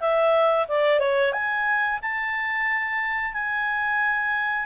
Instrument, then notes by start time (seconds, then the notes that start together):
clarinet
0.00 E5
0.68 D5
0.99 C#5
1.33 G#5
2.02 A5
3.34 G#5